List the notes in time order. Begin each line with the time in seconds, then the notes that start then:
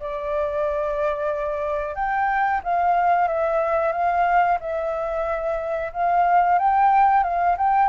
0.00 D5
1.95 G5
2.64 F5
3.28 E5
3.93 F5
4.60 E5
5.93 F5
6.59 G5
7.23 F5
7.58 G5